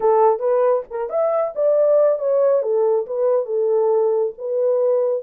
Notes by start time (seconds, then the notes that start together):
0.00 A4
0.39 B4
0.90 A#4
1.09 E5
1.55 D5
2.19 C#5
2.62 A4
3.06 B4
3.45 A4
4.38 B4